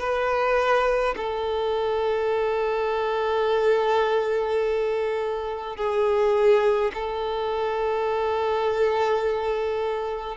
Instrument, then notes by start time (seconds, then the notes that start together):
violin
0.00 B4
1.17 A4
5.77 G#4
6.94 A4